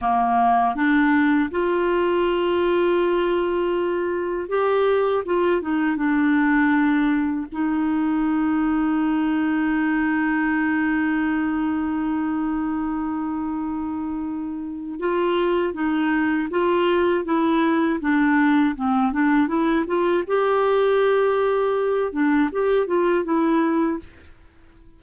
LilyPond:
\new Staff \with { instrumentName = "clarinet" } { \time 4/4 \tempo 4 = 80 ais4 d'4 f'2~ | f'2 g'4 f'8 dis'8 | d'2 dis'2~ | dis'1~ |
dis'1 | f'4 dis'4 f'4 e'4 | d'4 c'8 d'8 e'8 f'8 g'4~ | g'4. d'8 g'8 f'8 e'4 | }